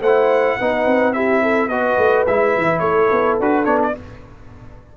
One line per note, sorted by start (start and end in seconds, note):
0.00 0.56 A3
0.00 0.60 E4
0.00 0.56 C5
0.00 1.13 F#5
0.59 0.86 B3
0.59 1.14 D#4
0.59 1.15 B4
0.86 1.68 C4
1.13 1.70 E4
1.13 1.42 G4
1.13 1.68 E5
1.42 1.70 A4
1.68 1.96 B3
1.68 2.27 F#4
1.68 2.82 B4
1.68 2.24 D#5
1.97 2.25 A3
2.27 2.56 G#3
2.27 3.41 E4
2.27 2.79 E5
2.57 2.80 E3
2.79 3.08 A3
2.79 3.94 A4
2.79 3.35 C#5
3.11 3.39 B3
3.39 3.66 D4
3.39 3.64 F#4
3.39 3.64 B4
3.64 3.94 B3
3.64 3.92 D4
3.64 3.78 C#5
3.82 3.96 D5